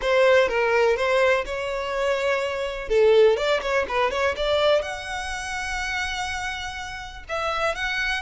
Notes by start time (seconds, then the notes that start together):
0.01 C5
0.48 A#4
0.96 C5
1.45 C#5
2.88 A4
3.36 D5
3.61 C#5
3.88 B4
4.11 C#5
4.36 D5
4.81 F#5
7.28 E5
7.75 F#5